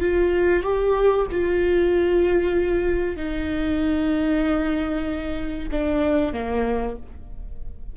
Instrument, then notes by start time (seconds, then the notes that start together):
viola
0.00 F4
0.63 G4
1.31 F4
3.16 D#4
5.72 D4
6.33 A#3